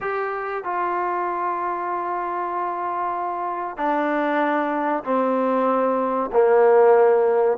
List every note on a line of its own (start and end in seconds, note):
0.00 0.63 G4
0.63 3.77 F4
3.77 5.03 D4
5.04 6.30 C4
6.32 7.57 A#3